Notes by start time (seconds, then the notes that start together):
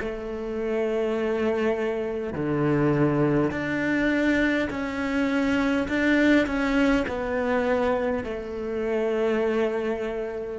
0.00 A3
2.34 D3
3.51 D4
4.71 C#4
5.89 D4
6.47 C#4
7.09 B3
8.24 A3